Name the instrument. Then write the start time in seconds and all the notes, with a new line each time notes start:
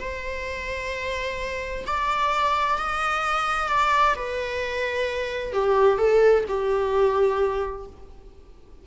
viola
0.00 C5
1.86 D5
2.78 D#5
3.69 D5
4.16 B4
5.53 G4
5.98 A4
6.48 G4